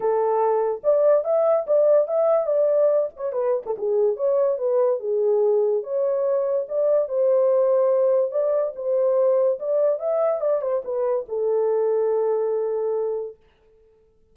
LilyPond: \new Staff \with { instrumentName = "horn" } { \time 4/4 \tempo 4 = 144 a'2 d''4 e''4 | d''4 e''4 d''4. cis''8 | b'8. a'16 gis'4 cis''4 b'4 | gis'2 cis''2 |
d''4 c''2. | d''4 c''2 d''4 | e''4 d''8 c''8 b'4 a'4~ | a'1 | }